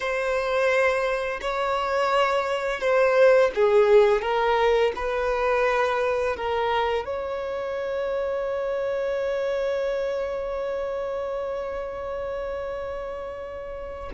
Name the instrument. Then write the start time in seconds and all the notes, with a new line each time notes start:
violin
0.00 C5
1.41 C#5
2.80 C5
3.55 G#4
4.21 A#4
4.95 B4
6.36 A#4
7.05 C#5